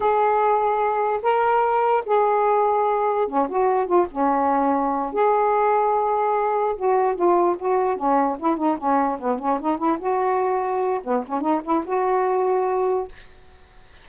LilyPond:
\new Staff \with { instrumentName = "saxophone" } { \time 4/4 \tempo 4 = 147 gis'2. ais'4~ | ais'4 gis'2. | cis'8 fis'4 f'8 cis'2~ | cis'8 gis'2.~ gis'8~ |
gis'8 fis'4 f'4 fis'4 cis'8~ | cis'8 e'8 dis'8 cis'4 b8 cis'8 dis'8 | e'8 fis'2~ fis'8 b8 cis'8 | dis'8 e'8 fis'2. | }